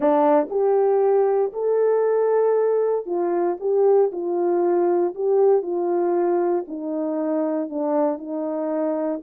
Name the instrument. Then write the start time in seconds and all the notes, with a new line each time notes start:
horn
0.00 D4
0.49 G4
1.52 A4
3.06 F4
3.59 G4
4.12 F4
5.14 G4
5.62 F4
6.67 D#4
7.69 D4
8.18 D#4